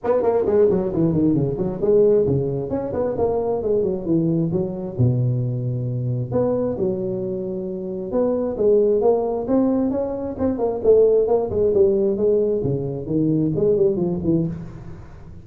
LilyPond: \new Staff \with { instrumentName = "tuba" } { \time 4/4 \tempo 4 = 133 b8 ais8 gis8 fis8 e8 dis8 cis8 fis8 | gis4 cis4 cis'8 b8 ais4 | gis8 fis8 e4 fis4 b,4~ | b,2 b4 fis4~ |
fis2 b4 gis4 | ais4 c'4 cis'4 c'8 ais8 | a4 ais8 gis8 g4 gis4 | cis4 dis4 gis8 g8 f8 e8 | }